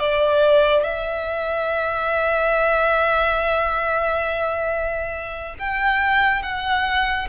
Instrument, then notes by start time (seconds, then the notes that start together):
violin
0.00 D5
0.84 E5
5.59 G5
6.43 F#5